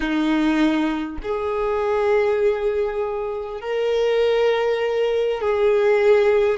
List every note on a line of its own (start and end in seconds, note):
0.00 1.18 D#4
1.22 3.60 G#4
3.60 5.40 A#4
5.41 6.57 G#4